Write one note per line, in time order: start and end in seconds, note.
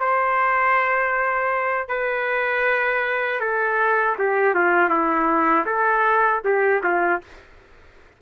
0.00 1.88 C5
1.88 3.40 B4
3.40 4.16 A4
4.19 4.54 G4
4.54 4.90 F4
4.90 5.65 E4
5.66 6.42 A4
6.45 6.83 G4
6.84 7.22 F4